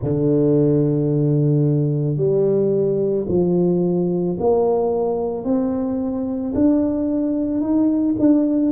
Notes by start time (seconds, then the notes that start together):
0.02 D3
2.17 G3
3.28 F3
4.39 A#3
5.44 C4
6.55 D4
7.61 D#4
8.19 D4